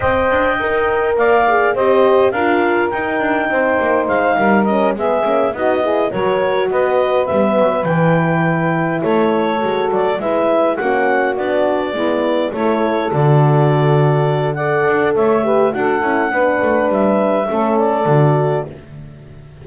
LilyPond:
<<
  \new Staff \with { instrumentName = "clarinet" } { \time 4/4 \tempo 4 = 103 g''2 f''4 dis''4 | f''4 g''2 f''4 | dis''8 e''4 dis''4 cis''4 dis''8~ | dis''8 e''4 g''2 cis''8~ |
cis''4 d''8 e''4 fis''4 d''8~ | d''4. cis''4 d''4.~ | d''4 fis''4 e''4 fis''4~ | fis''4 e''4. d''4. | }
  \new Staff \with { instrumentName = "saxophone" } { \time 4/4 dis''2 d''4 c''4 | ais'2 c''4. ais'8~ | ais'8 gis'4 fis'8 gis'8 ais'4 b'8~ | b'2.~ b'8 a'8~ |
a'4. b'4 fis'4.~ | fis'8 e'4 a'2~ a'8~ | a'4 d''4 cis''8 b'8 a'4 | b'2 a'2 | }
  \new Staff \with { instrumentName = "horn" } { \time 4/4 c''4 ais'4. gis'8 g'4 | f'4 dis'2. | cis'8 b8 cis'8 dis'8 e'8 fis'4.~ | fis'8 b4 e'2~ e'8~ |
e'8 fis'4 e'4 cis'4 d'8~ | d'8 b4 e'4 fis'4.~ | fis'4 a'4. g'8 fis'8 e'8 | d'2 cis'4 fis'4 | }
  \new Staff \with { instrumentName = "double bass" } { \time 4/4 c'8 d'8 dis'4 ais4 c'4 | d'4 dis'8 d'8 c'8 ais8 gis8 g8~ | g8 gis8 ais8 b4 fis4 b8~ | b8 g8 fis8 e2 a8~ |
a8 gis8 fis8 gis4 ais4 b8~ | b8 gis4 a4 d4.~ | d4. d'8 a4 d'8 cis'8 | b8 a8 g4 a4 d4 | }
>>